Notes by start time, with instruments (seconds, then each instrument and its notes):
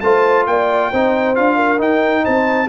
0.00 tuba A3, trombone F4, horn C5, trumpet A5
0.46 tuba A#3, horn D5, trumpet G5
0.91 tuba C4, trombone D#4, horn C5
1.35 tuba D4, trombone F4, trumpet F5
1.55 horn A#4
1.78 trombone D#4, tuba D#4, trumpet G5
2.24 tuba C4, horn C5, trumpet A5